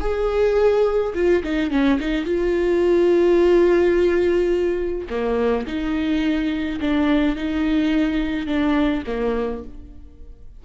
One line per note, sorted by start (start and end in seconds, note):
0.00 1.13 G#4
1.14 1.43 F4
1.43 1.70 D#4
1.70 1.99 C#4
1.99 2.25 D#4
2.25 5.08 F4
5.10 5.66 A#3
5.67 6.80 D#4
6.81 7.36 D4
7.36 8.46 D#4
8.46 9.03 D4
9.06 9.63 A#3